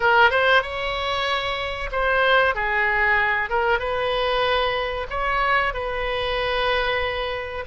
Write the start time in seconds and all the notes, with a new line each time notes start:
0.00 A#4
0.30 C5
0.62 C#5
1.91 C5
2.54 G#4
3.49 A#4
3.79 B4
5.09 C#5
5.73 B4